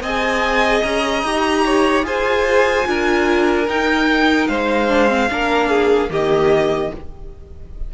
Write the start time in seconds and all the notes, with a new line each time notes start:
0.00 C4 G#4 D#5 G#5
0.82 C#4 A#5
1.22 D#4 G4
1.65 C#5
2.03 F4 G#4 C5 G#5
2.84 D4 F4 A#4
3.67 D#4 G5
4.47 G#3 C5 F5
4.88 D4
5.08 C4
5.29 A#3 D4 A#4
5.69 G#4
6.08 D#3 A#3 G4 D#5